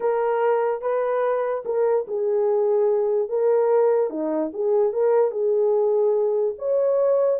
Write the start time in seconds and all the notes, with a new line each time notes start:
0.00 A#4
0.81 B4
1.65 A#4
2.07 G#4
3.29 A#4
4.10 D#4
4.53 G#4
4.92 A#4
5.31 G#4
6.58 C#5